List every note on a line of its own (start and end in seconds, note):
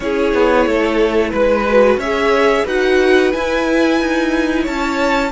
0.00 0.33 C#4
0.00 1.68 E4
0.00 0.67 G#4
0.00 1.32 C#5
0.33 0.66 B3
0.66 1.32 A3
0.66 1.30 A4
1.30 1.96 G#3
1.30 1.96 B4
1.30 2.00 B4
1.68 2.01 F#4
1.96 2.63 C#4
1.96 2.64 C#5
1.96 2.66 E5
2.03 2.66 G#4
2.64 3.33 D#4
2.64 3.32 F#4
2.64 4.62 B4
2.64 3.32 F#5
3.32 5.32 E4
3.32 4.00 E4
3.32 4.65 G#5
4.00 4.67 D#4
4.62 5.32 C#4
4.62 5.29 C#5
4.62 5.32 A5